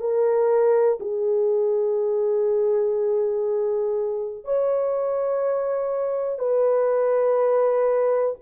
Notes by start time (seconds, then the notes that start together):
0.00 A#4
1.00 G#4
4.44 C#5
6.39 B4